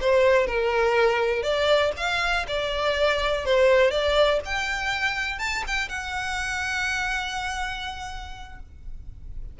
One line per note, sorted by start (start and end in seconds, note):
0.00 0.46 C5
0.46 1.43 A#4
1.43 1.92 D5
1.96 2.46 F5
2.47 3.45 D5
3.45 3.91 C5
3.91 4.40 D5
4.45 5.39 G5
5.39 5.63 A5
5.67 5.89 G5
5.89 8.59 F#5